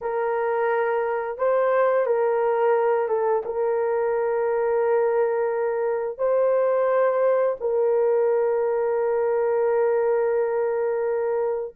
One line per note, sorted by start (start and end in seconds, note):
0.01 1.38 A#4
1.38 2.05 C5
2.05 3.08 A#4
3.08 3.43 A4
3.45 6.18 A#4
6.18 7.55 C5
7.60 11.74 A#4